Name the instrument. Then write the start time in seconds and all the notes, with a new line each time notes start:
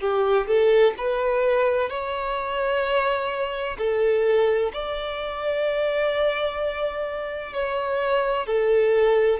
violin
0.00 G4
0.47 A4
0.98 B4
1.90 C#5
3.78 A4
4.73 D5
7.53 C#5
8.47 A4